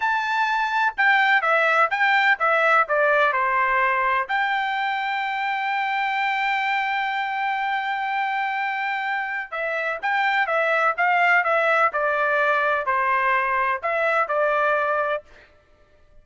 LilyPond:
\new Staff \with { instrumentName = "trumpet" } { \time 4/4 \tempo 4 = 126 a''2 g''4 e''4 | g''4 e''4 d''4 c''4~ | c''4 g''2.~ | g''1~ |
g''1 | e''4 g''4 e''4 f''4 | e''4 d''2 c''4~ | c''4 e''4 d''2 | }